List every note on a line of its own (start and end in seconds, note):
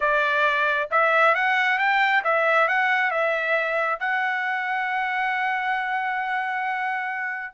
0.00 0.89 D5
0.91 1.34 E5
1.34 1.78 F#5
1.78 2.22 G5
2.23 2.68 E5
2.68 3.11 F#5
3.11 3.99 E5
3.99 7.54 F#5